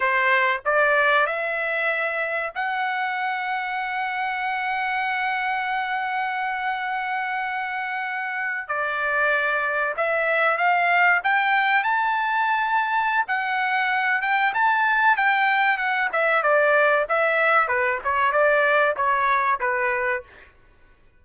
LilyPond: \new Staff \with { instrumentName = "trumpet" } { \time 4/4 \tempo 4 = 95 c''4 d''4 e''2 | fis''1~ | fis''1~ | fis''4.~ fis''16 d''2 e''16~ |
e''8. f''4 g''4 a''4~ a''16~ | a''4 fis''4. g''8 a''4 | g''4 fis''8 e''8 d''4 e''4 | b'8 cis''8 d''4 cis''4 b'4 | }